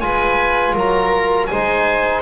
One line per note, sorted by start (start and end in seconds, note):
0.00 0.75 G#3
0.00 1.49 F4
0.00 0.74 B4
0.00 0.74 G#5
0.74 1.49 F#3
0.74 1.48 A#4
0.74 1.47 A#5
1.47 2.22 G#3
1.47 2.22 D#4
1.47 2.22 C5
1.47 2.21 G#5